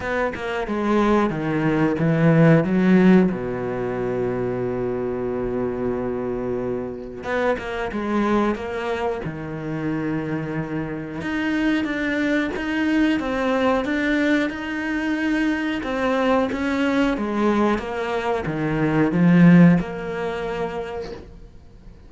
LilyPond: \new Staff \with { instrumentName = "cello" } { \time 4/4 \tempo 4 = 91 b8 ais8 gis4 dis4 e4 | fis4 b,2.~ | b,2. b8 ais8 | gis4 ais4 dis2~ |
dis4 dis'4 d'4 dis'4 | c'4 d'4 dis'2 | c'4 cis'4 gis4 ais4 | dis4 f4 ais2 | }